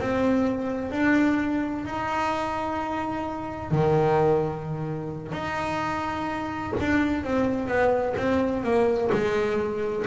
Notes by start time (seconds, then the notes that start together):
0.00 C4
0.92 D4
1.85 D#4
3.71 D#3
5.32 D#4
6.81 D4
7.24 C4
7.68 B3
8.17 C4
8.64 A#3
9.12 G#3